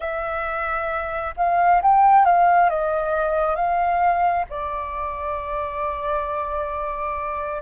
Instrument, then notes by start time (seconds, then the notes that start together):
flute
0.00 E5
1.36 F5
1.82 G5
2.25 F5
2.69 D#5
3.55 F5
4.49 D5